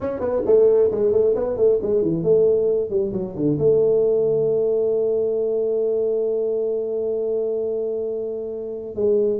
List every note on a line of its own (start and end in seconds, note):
0.00 0.19 C#4
0.19 0.42 B3
0.46 0.91 A3
0.91 1.12 G#3
1.12 1.34 A3
1.35 1.56 B3
1.56 1.79 A3
1.82 2.01 G#3
2.01 2.23 E3
2.23 2.90 A3
2.90 3.12 G3
3.12 3.35 F#3
3.35 3.58 D3
3.58 8.95 A3
8.95 9.39 G#3